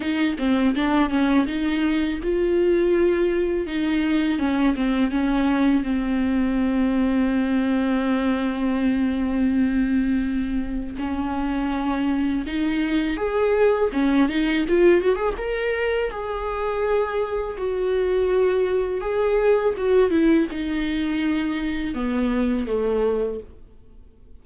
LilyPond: \new Staff \with { instrumentName = "viola" } { \time 4/4 \tempo 4 = 82 dis'8 c'8 d'8 cis'8 dis'4 f'4~ | f'4 dis'4 cis'8 c'8 cis'4 | c'1~ | c'2. cis'4~ |
cis'4 dis'4 gis'4 cis'8 dis'8 | f'8 fis'16 gis'16 ais'4 gis'2 | fis'2 gis'4 fis'8 e'8 | dis'2 b4 a4 | }